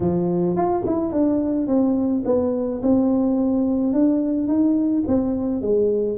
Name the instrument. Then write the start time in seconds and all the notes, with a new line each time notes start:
tuba
0.00 F3
0.56 F4
0.86 E4
1.12 D4
1.67 C4
2.25 B3
2.82 C4
3.93 D4
4.47 D#4
5.07 C4
5.61 G#3